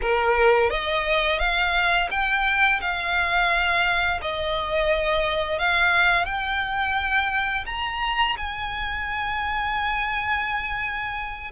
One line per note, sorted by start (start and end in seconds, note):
0.01 0.70 A#4
0.70 1.39 D#5
1.39 2.08 F5
2.10 2.80 G5
2.80 4.20 F5
4.21 5.58 D#5
5.58 6.25 F5
6.25 7.64 G5
7.66 8.36 A#5
8.37 11.51 G#5